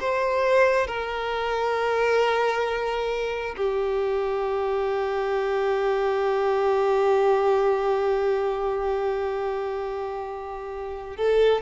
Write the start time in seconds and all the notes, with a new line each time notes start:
0.00 C5
0.87 A#4
3.57 G4
11.17 A4